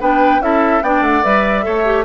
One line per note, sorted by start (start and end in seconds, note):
0.00 0.40 B3
0.00 0.41 D4
0.00 0.41 B4
0.00 0.42 G5
0.40 0.81 C#4
0.40 0.82 E4
0.40 0.83 A4
0.40 0.83 E5
0.82 1.01 B3
0.82 1.23 D4
0.82 1.65 D5
0.82 1.03 G5
1.01 1.22 A3
1.01 1.23 F#5
1.23 1.66 G3
1.23 1.63 B4
1.23 2.05 E5
1.63 2.05 A3
1.63 1.84 A4
1.63 2.05 C#5
1.84 2.05 G4